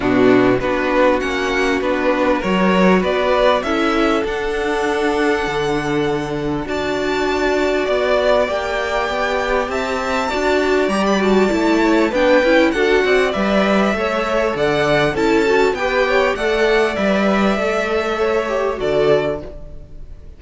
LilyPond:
<<
  \new Staff \with { instrumentName = "violin" } { \time 4/4 \tempo 4 = 99 fis'4 b'4 fis''4 b'4 | cis''4 d''4 e''4 fis''4~ | fis''2. a''4~ | a''4 d''4 g''2 |
a''2 ais''16 b''16 a''4. | g''4 fis''4 e''2 | fis''4 a''4 g''4 fis''4 | e''2. d''4 | }
  \new Staff \with { instrumentName = "violin" } { \time 4/4 d'4 fis'2. | ais'4 b'4 a'2~ | a'2. d''4~ | d''1 |
e''4 d''2~ d''8 cis''8 | b'4 a'8 d''4. cis''4 | d''4 a'4 b'8 cis''8 d''4~ | d''2 cis''4 a'4 | }
  \new Staff \with { instrumentName = "viola" } { \time 4/4 b4 d'4 cis'4 d'4 | fis'2 e'4 d'4~ | d'2. fis'4~ | fis'2 g'2~ |
g'4 fis'4 g'8 fis'8 e'4 | d'8 e'8 fis'4 b'4 a'4~ | a'4 e'8 fis'8 g'4 a'4 | b'4 a'4. g'8 fis'4 | }
  \new Staff \with { instrumentName = "cello" } { \time 4/4 b,4 b4 ais4 b4 | fis4 b4 cis'4 d'4~ | d'4 d2 d'4~ | d'4 b4 ais4 b4 |
c'4 d'4 g4 a4 | b8 cis'8 d'8 c'8 g4 a4 | d4 cis'4 b4 a4 | g4 a2 d4 | }
>>